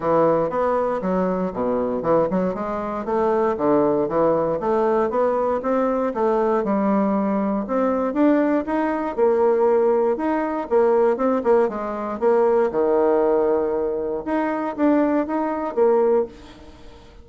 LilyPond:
\new Staff \with { instrumentName = "bassoon" } { \time 4/4 \tempo 4 = 118 e4 b4 fis4 b,4 | e8 fis8 gis4 a4 d4 | e4 a4 b4 c'4 | a4 g2 c'4 |
d'4 dis'4 ais2 | dis'4 ais4 c'8 ais8 gis4 | ais4 dis2. | dis'4 d'4 dis'4 ais4 | }